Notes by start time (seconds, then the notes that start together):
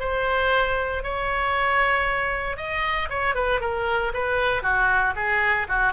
0.00 C5
1.03 C#5
2.57 D#5
3.10 C#5
3.35 B4
3.61 A#4
4.14 B4
4.63 F#4
5.16 G#4
5.69 F#4